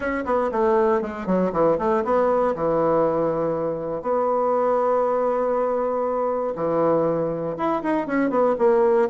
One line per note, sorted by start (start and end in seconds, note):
0.00 0.24 C#4
0.25 0.50 B3
0.51 1.01 A3
1.01 1.26 G#3
1.26 1.51 F#3
1.52 1.77 E3
1.78 2.03 A3
2.04 2.55 B3
2.55 4.02 E3
4.02 6.54 B3
6.55 7.56 E3
7.57 7.82 E4
7.82 8.06 D#4
8.06 8.30 C#4
8.30 8.55 B3
8.58 9.08 A#3